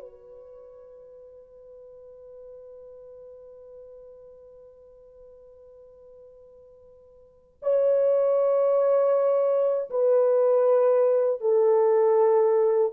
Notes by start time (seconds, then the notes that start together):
0.00 B4
7.62 C#5
9.90 B4
11.40 A4